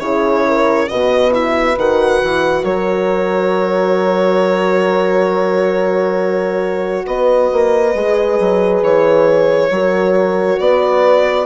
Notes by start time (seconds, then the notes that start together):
0.00 C#3 E4 G#4 C#5
0.48 A#4
0.89 B2 F#4 B4 D#5
1.31 E4 E5
1.78 D#3 F#4 F#5
2.24 E3
2.64 F#3 A#4 C#5
7.07 B3 B4 D#5
7.53 A#3
7.94 G#3 G#4
8.40 F#3
8.83 E3 C#5
9.71 F#3 F#4 A#4
10.60 B3 B4 D5